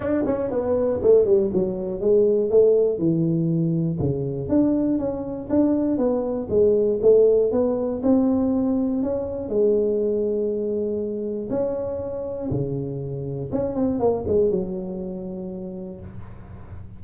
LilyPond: \new Staff \with { instrumentName = "tuba" } { \time 4/4 \tempo 4 = 120 d'8 cis'8 b4 a8 g8 fis4 | gis4 a4 e2 | cis4 d'4 cis'4 d'4 | b4 gis4 a4 b4 |
c'2 cis'4 gis4~ | gis2. cis'4~ | cis'4 cis2 cis'8 c'8 | ais8 gis8 fis2. | }